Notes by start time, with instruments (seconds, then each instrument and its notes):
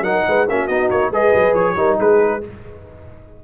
0.00 tuba F#3, trombone D#4, horn A#4, trumpet F#5
0.27 tuba G#3, horn B4
0.48 tuba A#3, trombone C#4, horn F#4, trumpet E5
0.67 tuba B3, trombone D#4, trumpet D#5
0.90 tuba A#3, trumpet C#5
1.10 tuba G#3, trombone G#4, horn B4, trumpet D#5
1.34 tuba F#3
1.54 tuba F3, trumpet C#5
1.76 tuba G3, trombone D#4, horn A#4
1.98 tuba G#3, horn G#4, trumpet B4